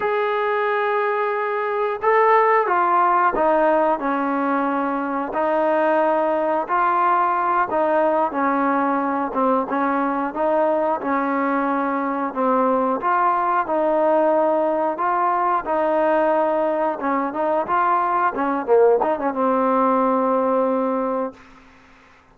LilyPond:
\new Staff \with { instrumentName = "trombone" } { \time 4/4 \tempo 4 = 90 gis'2. a'4 | f'4 dis'4 cis'2 | dis'2 f'4. dis'8~ | dis'8 cis'4. c'8 cis'4 dis'8~ |
dis'8 cis'2 c'4 f'8~ | f'8 dis'2 f'4 dis'8~ | dis'4. cis'8 dis'8 f'4 cis'8 | ais8 dis'16 cis'16 c'2. | }